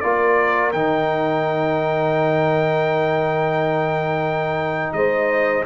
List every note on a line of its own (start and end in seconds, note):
0.00 0.72 A#3
0.00 0.73 F4
0.00 4.95 A#4
0.00 0.71 D5
0.72 4.93 D#3
0.72 5.65 D#4
0.72 4.93 G5
4.93 5.63 G#3
4.93 5.65 C5
4.93 5.63 D#5